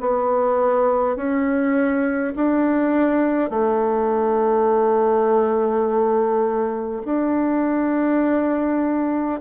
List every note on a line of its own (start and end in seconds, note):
0.00 1.17 B3
1.17 2.34 C#4
2.36 3.50 D4
3.50 7.03 A3
7.05 9.41 D4